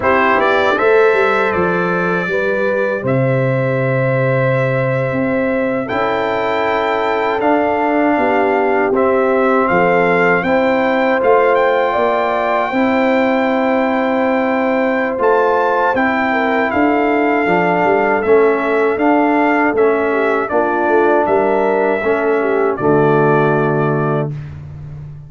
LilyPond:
<<
  \new Staff \with { instrumentName = "trumpet" } { \time 4/4 \tempo 4 = 79 c''8 d''8 e''4 d''2 | e''2.~ e''8. g''16~ | g''4.~ g''16 f''2 e''16~ | e''8. f''4 g''4 f''8 g''8.~ |
g''1 | a''4 g''4 f''2 | e''4 f''4 e''4 d''4 | e''2 d''2 | }
  \new Staff \with { instrumentName = "horn" } { \time 4/4 g'4 c''2 b'4 | c''2.~ c''8. a'16~ | a'2~ a'8. g'4~ g'16~ | g'8. a'4 c''2 d''16~ |
d''8. c''2.~ c''16~ | c''4. ais'8 a'2~ | a'2~ a'8 g'8 f'4 | ais'4 a'8 g'8 fis'2 | }
  \new Staff \with { instrumentName = "trombone" } { \time 4/4 e'4 a'2 g'4~ | g'2.~ g'8. e'16~ | e'4.~ e'16 d'2 c'16~ | c'4.~ c'16 e'4 f'4~ f'16~ |
f'8. e'2.~ e'16 | f'4 e'2 d'4 | cis'4 d'4 cis'4 d'4~ | d'4 cis'4 a2 | }
  \new Staff \with { instrumentName = "tuba" } { \time 4/4 c'8 b8 a8 g8 f4 g4 | c2~ c8. c'4 cis'16~ | cis'4.~ cis'16 d'4 b4 c'16~ | c'8. f4 c'4 a4 ais16~ |
ais8. c'2.~ c'16 | a4 c'4 d'4 f8 g8 | a4 d'4 a4 ais8 a8 | g4 a4 d2 | }
>>